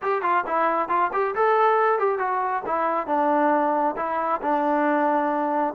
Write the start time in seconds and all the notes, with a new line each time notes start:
0.02 G4
0.21 F4
0.46 E4
0.88 F4
1.12 G4
1.35 A4
1.99 G4
2.18 F#4
2.66 E4
3.07 D4
3.96 E4
4.41 D4